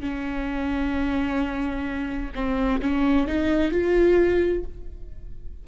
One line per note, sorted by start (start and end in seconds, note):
0.00 2.31 C#4
2.35 2.81 C4
2.81 3.27 C#4
3.27 3.71 D#4
3.71 4.64 F4